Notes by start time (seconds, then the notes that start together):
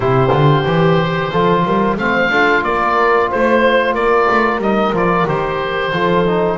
0.00 C3 E4 G4 C5
0.29 D3 F4
0.65 E3 G4
1.30 F3 F4 A4
1.65 G3 A#4
1.96 A3 C4 C5 F5
2.30 D4 F4 A4
2.62 A#3 A#4 D5
3.29 A3 C5
3.93 A#3 A#4 D5
4.30 A3
4.57 G3 D#4 D#5
4.93 F3 F4 D5
5.27 D#3 G4 C5
5.92 F3 F4 A4
6.26 D#4